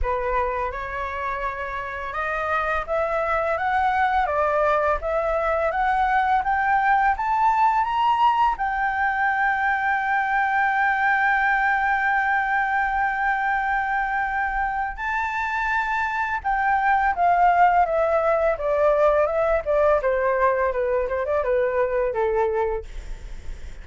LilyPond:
\new Staff \with { instrumentName = "flute" } { \time 4/4 \tempo 4 = 84 b'4 cis''2 dis''4 | e''4 fis''4 d''4 e''4 | fis''4 g''4 a''4 ais''4 | g''1~ |
g''1~ | g''4 a''2 g''4 | f''4 e''4 d''4 e''8 d''8 | c''4 b'8 c''16 d''16 b'4 a'4 | }